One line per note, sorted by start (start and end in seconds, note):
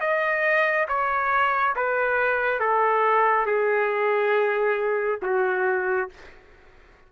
0.00 0.87 D#5
0.88 1.75 C#5
1.76 2.60 B4
2.60 3.46 A4
3.46 5.20 G#4
5.22 6.09 F#4